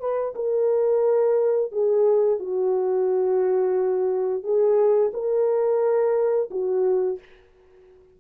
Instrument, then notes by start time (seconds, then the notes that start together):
horn
0.00 B4
0.35 A#4
1.72 G#4
2.40 F#4
4.43 G#4
5.14 A#4
6.51 F#4